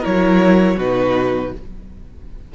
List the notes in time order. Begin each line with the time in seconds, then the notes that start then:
0.00 F#3 E4 A#4 C#5
0.77 B2 D#4 F#4 B4